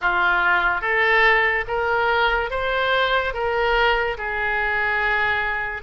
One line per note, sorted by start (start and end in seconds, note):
0.01 0.81 F4
0.81 1.64 A4
1.67 2.50 A#4
2.50 3.33 C5
3.33 4.17 A#4
4.17 5.82 G#4